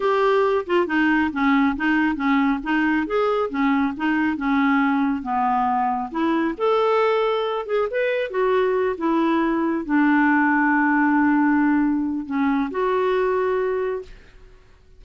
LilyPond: \new Staff \with { instrumentName = "clarinet" } { \time 4/4 \tempo 4 = 137 g'4. f'8 dis'4 cis'4 | dis'4 cis'4 dis'4 gis'4 | cis'4 dis'4 cis'2 | b2 e'4 a'4~ |
a'4. gis'8 b'4 fis'4~ | fis'8 e'2 d'4.~ | d'1 | cis'4 fis'2. | }